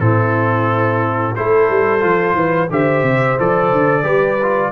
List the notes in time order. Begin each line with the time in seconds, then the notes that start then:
0.00 A2 C4 E4 A4
1.36 A3 E4 A4 C5
1.70 G3
2.00 F3 F4
2.34 E3 B4
2.70 D3 G4 C5 E5
3.02 C3
3.39 F3 A4 D5
3.72 D3
4.03 G3 G4 B4
4.43 F4